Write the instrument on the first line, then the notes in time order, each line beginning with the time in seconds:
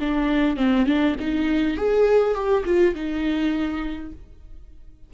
viola
0.00 D4
0.57 C4
0.87 D4
1.20 D#4
1.77 G#4
2.35 G4
2.66 F4
2.95 D#4